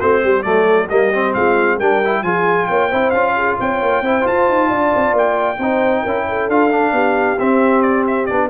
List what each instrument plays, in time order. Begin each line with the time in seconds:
0.00 tuba A3, trombone C4, horn F#4, trumpet C5
0.23 tuba G3, horn G4
0.43 tuba F#3, trombone A3, horn A4, trumpet D5
0.89 tuba G3, trombone A#3, horn G4, trumpet D#5
1.14 trombone C4
1.34 tuba G#3, horn F4, trumpet F5
1.78 tuba G3, trombone D4, horn A#4, trumpet G5
2.05 trombone E4
2.23 tuba F3, trombone F4, horn G#4, trumpet G#5
2.67 tuba A#3, horn C#5, trumpet G5
2.89 tuba C4, trombone E4, horn C5
3.11 tuba C#4, trombone F4, trumpet F5
3.37 horn G#4
3.60 tuba C4, horn C#5, trumpet G5
3.83 tuba A#3
4.02 tuba C4, trombone E4, horn C5
4.22 trombone F4, tuba F4, trumpet A5
4.49 tuba D#4
4.69 tuba D4, horn D5
4.96 tuba C4
5.13 tuba A#3, trumpet G5
5.59 tuba C4, trombone D#4, horn C5
6.03 tuba C#4, trombone E4, horn A#4
6.29 horn A4
6.49 tuba D4, trombone F4, trumpet F5
6.71 trombone D4
6.93 tuba B3, horn G4
7.40 trombone C4, tuba C4, trumpet E5
7.82 trumpet D5
8.08 trumpet E5
8.26 tuba B3, trombone D4, trumpet D5